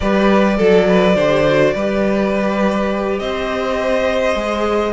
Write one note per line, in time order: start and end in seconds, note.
0.00 0.59 G3
0.00 0.59 G4
0.00 0.57 B4
0.00 3.19 D5
0.57 1.15 F#3
0.57 0.86 A4
0.57 1.17 A4
0.88 1.15 B4
1.15 1.73 D3
1.15 1.46 G4
1.15 1.74 C5
1.46 1.75 F#4
1.74 3.19 G3
1.74 4.35 G4
1.74 3.20 B4
3.19 4.34 C4
3.19 4.92 C5
3.19 4.92 D#5
4.34 4.92 G#3
4.34 4.92 G#4